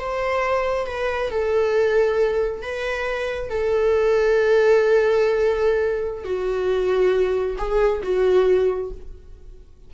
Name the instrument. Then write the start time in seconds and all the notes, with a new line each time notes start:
viola
0.00 C5
0.87 B4
1.31 A4
2.62 B4
3.50 A4
6.24 F#4
7.58 G#4
8.03 F#4